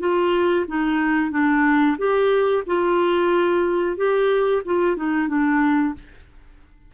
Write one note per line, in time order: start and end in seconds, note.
0.00 0.66 F4
0.68 1.31 D#4
1.31 1.97 D4
1.98 2.64 G4
2.67 3.97 F4
3.97 4.63 G4
4.66 4.97 F4
4.97 5.28 D#4
5.28 5.94 D4